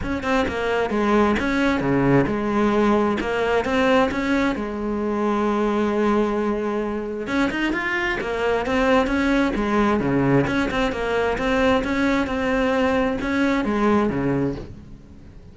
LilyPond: \new Staff \with { instrumentName = "cello" } { \time 4/4 \tempo 4 = 132 cis'8 c'8 ais4 gis4 cis'4 | cis4 gis2 ais4 | c'4 cis'4 gis2~ | gis1 |
cis'8 dis'8 f'4 ais4 c'4 | cis'4 gis4 cis4 cis'8 c'8 | ais4 c'4 cis'4 c'4~ | c'4 cis'4 gis4 cis4 | }